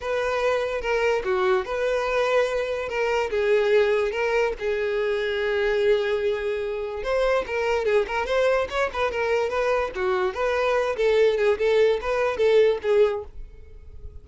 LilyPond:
\new Staff \with { instrumentName = "violin" } { \time 4/4 \tempo 4 = 145 b'2 ais'4 fis'4 | b'2. ais'4 | gis'2 ais'4 gis'4~ | gis'1~ |
gis'4 c''4 ais'4 gis'8 ais'8 | c''4 cis''8 b'8 ais'4 b'4 | fis'4 b'4. a'4 gis'8 | a'4 b'4 a'4 gis'4 | }